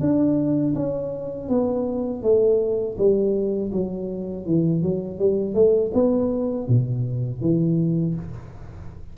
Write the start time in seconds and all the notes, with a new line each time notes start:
0.00 D4
0.75 C#4
1.48 B3
2.22 A3
2.98 G3
3.72 F#3
4.45 E3
4.82 F#3
5.19 G3
5.54 A3
5.93 B3
6.67 B2
7.41 E3